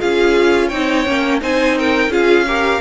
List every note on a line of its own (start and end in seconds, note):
0.00 0.72 C#4
0.00 0.72 F4
0.00 0.68 G#4
0.00 0.69 F5
0.68 1.07 C4
0.68 1.06 D#4
0.68 1.39 C#5
0.68 1.40 G5
1.06 1.42 A#3
1.06 1.41 C#4
1.41 2.08 C4
1.41 2.11 D#4
1.41 1.78 C5
1.41 1.79 G#5
1.78 2.11 A#4
1.78 2.13 G5
2.08 2.79 C#4
2.08 2.46 F4
2.08 2.46 G#4
2.08 2.81 F5
2.48 2.81 G4
2.48 2.81 A#4